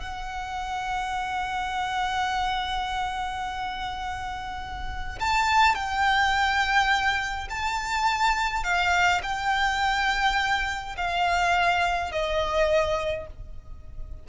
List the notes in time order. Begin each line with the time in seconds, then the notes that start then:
0.00 F#5
5.21 A5
5.75 G5
7.50 A5
8.64 F5
9.23 G5
10.97 F5
12.12 D#5